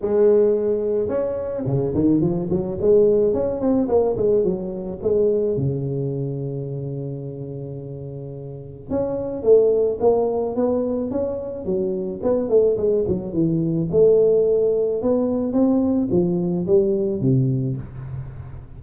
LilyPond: \new Staff \with { instrumentName = "tuba" } { \time 4/4 \tempo 4 = 108 gis2 cis'4 cis8 dis8 | f8 fis8 gis4 cis'8 c'8 ais8 gis8 | fis4 gis4 cis2~ | cis1 |
cis'4 a4 ais4 b4 | cis'4 fis4 b8 a8 gis8 fis8 | e4 a2 b4 | c'4 f4 g4 c4 | }